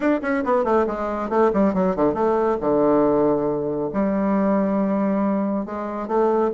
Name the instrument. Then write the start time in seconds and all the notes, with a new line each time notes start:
bassoon
0.00 D4
0.22 C#4
0.44 B3
0.64 A3
0.87 G#3
1.29 A3
1.53 G3
1.74 F#3
1.96 D3
2.14 A3
2.60 D3
3.93 G3
5.65 G#3
6.07 A3